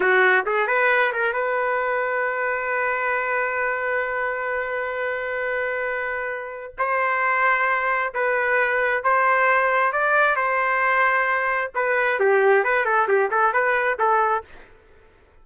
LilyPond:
\new Staff \with { instrumentName = "trumpet" } { \time 4/4 \tempo 4 = 133 fis'4 gis'8 b'4 ais'8 b'4~ | b'1~ | b'1~ | b'2. c''4~ |
c''2 b'2 | c''2 d''4 c''4~ | c''2 b'4 g'4 | b'8 a'8 g'8 a'8 b'4 a'4 | }